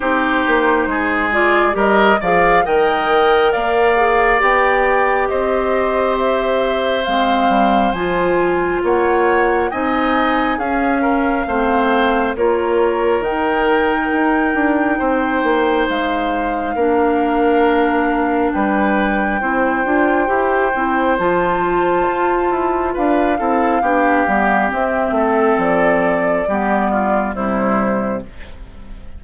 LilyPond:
<<
  \new Staff \with { instrumentName = "flute" } { \time 4/4 \tempo 4 = 68 c''4. d''8 dis''8 f''8 g''4 | f''4 g''4 dis''4 e''4 | f''4 gis''4 fis''4 gis''4 | f''2 cis''4 g''4~ |
g''2 f''2~ | f''4 g''2. | a''2 f''2 | e''4 d''2 c''4 | }
  \new Staff \with { instrumentName = "oboe" } { \time 4/4 g'4 gis'4 ais'8 d''8 dis''4 | d''2 c''2~ | c''2 cis''4 dis''4 | gis'8 ais'8 c''4 ais'2~ |
ais'4 c''2 ais'4~ | ais'4 b'4 c''2~ | c''2 b'8 a'8 g'4~ | g'8 a'4. g'8 f'8 e'4 | }
  \new Staff \with { instrumentName = "clarinet" } { \time 4/4 dis'4. f'8 g'8 gis'8 ais'4~ | ais'8 gis'8 g'2. | c'4 f'2 dis'4 | cis'4 c'4 f'4 dis'4~ |
dis'2. d'4~ | d'2 e'8 f'8 g'8 e'8 | f'2~ f'8 e'8 d'8 b8 | c'2 b4 g4 | }
  \new Staff \with { instrumentName = "bassoon" } { \time 4/4 c'8 ais8 gis4 g8 f8 dis4 | ais4 b4 c'2 | gis8 g8 f4 ais4 c'4 | cis'4 a4 ais4 dis4 |
dis'8 d'8 c'8 ais8 gis4 ais4~ | ais4 g4 c'8 d'8 e'8 c'8 | f4 f'8 e'8 d'8 c'8 b8 g8 | c'8 a8 f4 g4 c4 | }
>>